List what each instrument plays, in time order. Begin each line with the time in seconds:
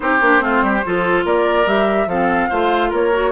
0.00 bassoon C4, clarinet D#4, oboe G4, flute C5
0.20 bassoon A#3, clarinet D4
0.39 bassoon A3, clarinet C4, oboe F4
0.61 bassoon G3, oboe G4
0.85 bassoon F3, clarinet F4, oboe A4
1.24 bassoon A#3, oboe A#4, flute D5
1.65 bassoon G3, clarinet G4, flute E5
2.06 bassoon F3, clarinet C4, oboe A4, flute F5
2.49 bassoon A3, clarinet F4, oboe C5
2.89 bassoon A#3, oboe A#4, flute C#5
3.12 clarinet F#4